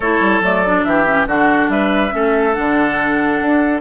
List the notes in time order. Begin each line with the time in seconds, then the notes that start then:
0.00 A3 E4 A4 C#5
0.20 G3
0.40 F#3 A3 D5
0.66 D4
0.84 E3 G4 E5
1.06 C#4
1.26 D3 D4 F#4 F#5
1.68 G3 B4 E5
2.10 A3 C#4 A4
2.53 D3 D4 F#5
3.41 D4